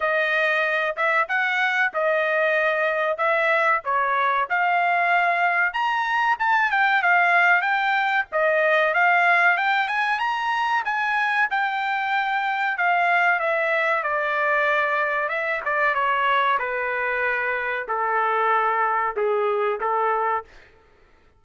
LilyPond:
\new Staff \with { instrumentName = "trumpet" } { \time 4/4 \tempo 4 = 94 dis''4. e''8 fis''4 dis''4~ | dis''4 e''4 cis''4 f''4~ | f''4 ais''4 a''8 g''8 f''4 | g''4 dis''4 f''4 g''8 gis''8 |
ais''4 gis''4 g''2 | f''4 e''4 d''2 | e''8 d''8 cis''4 b'2 | a'2 gis'4 a'4 | }